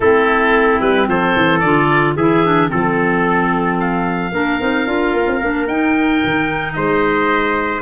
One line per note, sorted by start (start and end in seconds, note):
0.00 0.80 A3
0.00 1.63 C4
0.00 1.08 E4
0.00 0.80 A4
0.80 1.07 G3
0.80 1.07 B4
1.07 1.34 F3
1.07 2.16 A4
1.07 1.59 C5
1.36 1.63 E3
1.59 2.15 D3
1.59 2.17 F4
1.59 2.13 D5
2.15 2.69 E3
2.15 2.44 E4
2.15 2.70 G#4
2.15 2.69 E5
2.44 2.69 D4
2.69 4.31 F3
2.69 4.31 C4
2.69 3.77 A4
2.69 4.33 A4
3.80 5.67 F5
4.31 4.58 A#3
4.31 4.59 D4
4.31 6.75 A#4
4.59 4.87 C4
4.59 4.86 D#4
4.86 5.13 D4
4.86 5.40 F4
5.13 5.27 A#3
5.27 5.40 C4
5.40 5.67 A#3
5.40 5.67 D4
5.67 6.21 D#4
5.67 7.81 D#4
5.67 6.73 G5
6.24 6.76 D#3
6.73 7.81 G#3
6.73 7.81 C5
6.73 7.81 D#5